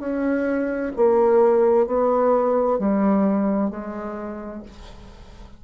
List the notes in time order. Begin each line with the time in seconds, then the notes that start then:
0.00 C#4
0.97 A#3
1.87 B3
2.79 G3
3.70 G#3